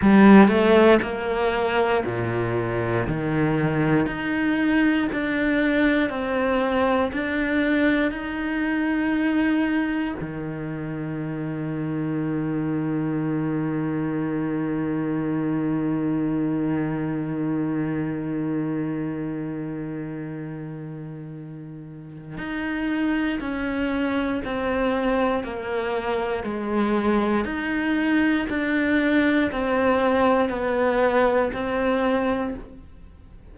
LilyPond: \new Staff \with { instrumentName = "cello" } { \time 4/4 \tempo 4 = 59 g8 a8 ais4 ais,4 dis4 | dis'4 d'4 c'4 d'4 | dis'2 dis2~ | dis1~ |
dis1~ | dis2 dis'4 cis'4 | c'4 ais4 gis4 dis'4 | d'4 c'4 b4 c'4 | }